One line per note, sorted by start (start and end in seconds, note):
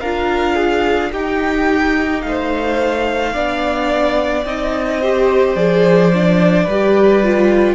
0.00 1.12 D4
0.00 1.13 F4
0.00 0.55 A#4
0.00 1.11 F5
0.55 1.10 G#4
1.12 2.23 D#4
1.12 3.34 D#4
1.12 2.23 G4
1.12 2.21 G5
2.21 3.35 A3
2.21 3.33 C5
2.21 4.44 F5
3.33 4.45 B3
3.33 4.45 D4
3.33 4.99 D5
4.45 5.55 C4
4.45 5.01 D#4
4.45 5.55 D#5
4.99 5.56 G4
4.99 6.64 C5
5.55 6.66 F3
5.55 6.12 G#4
5.55 7.75 D5
6.13 6.69 D4
6.64 7.75 G3
6.64 7.23 G4
6.64 7.75 B4
7.23 7.75 F4